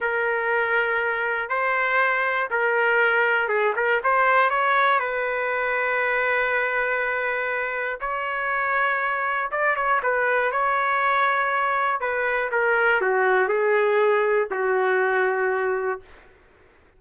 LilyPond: \new Staff \with { instrumentName = "trumpet" } { \time 4/4 \tempo 4 = 120 ais'2. c''4~ | c''4 ais'2 gis'8 ais'8 | c''4 cis''4 b'2~ | b'1 |
cis''2. d''8 cis''8 | b'4 cis''2. | b'4 ais'4 fis'4 gis'4~ | gis'4 fis'2. | }